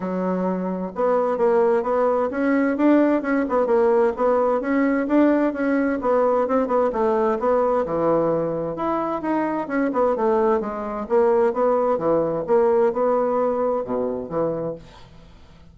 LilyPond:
\new Staff \with { instrumentName = "bassoon" } { \time 4/4 \tempo 4 = 130 fis2 b4 ais4 | b4 cis'4 d'4 cis'8 b8 | ais4 b4 cis'4 d'4 | cis'4 b4 c'8 b8 a4 |
b4 e2 e'4 | dis'4 cis'8 b8 a4 gis4 | ais4 b4 e4 ais4 | b2 b,4 e4 | }